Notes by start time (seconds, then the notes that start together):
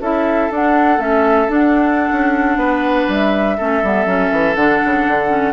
0.00 C#4 E4 A4 E5
0.51 D4 F#5
0.98 A3 C#4 E5
1.48 D4 F#5
2.12 C#4
2.56 B3 B4
3.08 G3 E5
3.57 A3 C#4 A4
3.83 G3 B3
4.06 F#3 C#4
4.31 E3
4.55 D3 D4 F#5
4.84 C#3
5.07 D3
5.28 C#4